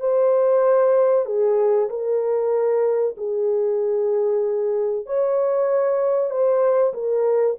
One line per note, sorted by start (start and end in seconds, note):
0.00 1.26 C5
1.26 1.89 G#4
1.89 3.16 A#4
3.17 5.06 G#4
5.06 6.30 C#5
6.30 6.93 C5
6.94 7.57 A#4